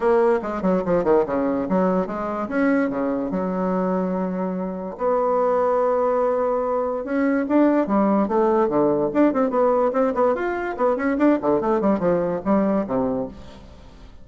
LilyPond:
\new Staff \with { instrumentName = "bassoon" } { \time 4/4 \tempo 4 = 145 ais4 gis8 fis8 f8 dis8 cis4 | fis4 gis4 cis'4 cis4 | fis1 | b1~ |
b4 cis'4 d'4 g4 | a4 d4 d'8 c'8 b4 | c'8 b8 f'4 b8 cis'8 d'8 d8 | a8 g8 f4 g4 c4 | }